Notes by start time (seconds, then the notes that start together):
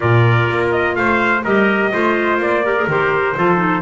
0.00 A#2 F4 A#4 D5
0.50 A#3
0.71 D#5
0.95 A3 C5 F5
1.44 G3 G4 A#4 D#5
1.92 A3 F4 C5
2.37 A#3 D5
2.64 G4 A#4
2.76 G#4
2.87 D#3 G4 C5
3.36 F3 F4 A4
3.56 D#4